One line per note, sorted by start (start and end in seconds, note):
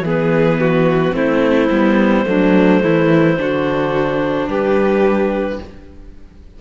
0.00 1.11 E3
0.00 1.12 B3
0.00 0.60 G#4
0.07 1.15 B4
0.60 1.15 F#4
1.12 1.69 A3
1.12 1.67 C4
1.12 2.26 E4
1.12 4.48 C5
1.70 2.25 G3
1.70 2.25 B3
2.25 2.82 F#3
2.25 3.36 A3
2.25 2.83 D4
2.83 3.38 E3
2.83 3.38 E4
3.37 4.47 D3
3.37 5.59 D4
3.37 4.48 F#4
4.47 5.59 G3
4.47 5.59 G4
4.47 5.61 B4